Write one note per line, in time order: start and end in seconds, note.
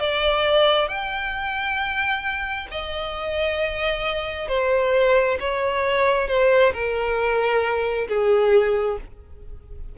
0.00 0.88 D5
0.88 2.67 G5
2.71 4.49 D#5
4.49 5.38 C5
5.40 6.28 C#5
6.28 6.72 C5
6.73 8.08 A#4
8.08 8.98 G#4